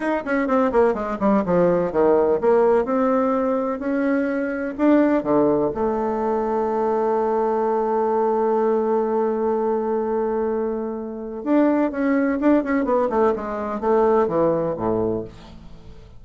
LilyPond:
\new Staff \with { instrumentName = "bassoon" } { \time 4/4 \tempo 4 = 126 dis'8 cis'8 c'8 ais8 gis8 g8 f4 | dis4 ais4 c'2 | cis'2 d'4 d4 | a1~ |
a1~ | a1 | d'4 cis'4 d'8 cis'8 b8 a8 | gis4 a4 e4 a,4 | }